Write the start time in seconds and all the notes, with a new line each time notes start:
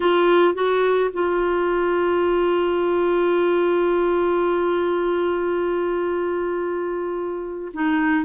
0.00 F4
0.54 F#4
1.13 F4
7.73 D#4